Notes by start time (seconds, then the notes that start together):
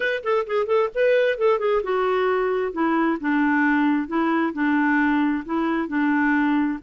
0.00 B4
0.23 A4
0.46 G#4
0.66 A4
0.94 B4
1.38 A4
1.59 G#4
1.83 F#4
2.72 E4
3.20 D4
4.07 E4
4.53 D4
5.45 E4
5.87 D4